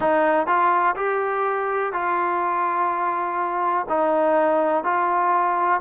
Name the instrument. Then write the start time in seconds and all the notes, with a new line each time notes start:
trombone
0.00 D#4
0.47 F4
0.96 G4
1.93 F4
3.88 D#4
4.83 F4